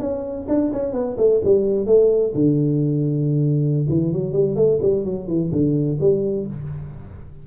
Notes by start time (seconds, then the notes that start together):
0.00 C#4
0.48 D4
0.73 C#4
0.93 B3
1.18 A3
1.44 G3
1.87 A3
2.35 D3
3.89 E3
4.13 F#3
4.33 G3
4.56 A3
4.82 G3
5.05 F#3
5.28 E3
5.52 D3
6.01 G3